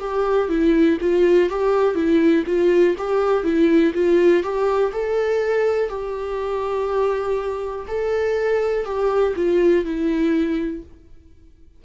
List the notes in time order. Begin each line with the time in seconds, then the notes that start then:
0.00 G4
0.49 E4
1.01 F4
1.50 G4
1.94 E4
2.46 F4
2.98 G4
3.44 E4
3.94 F4
4.43 G4
4.92 A4
5.89 G4
7.88 A4
8.85 G4
9.36 F4
9.85 E4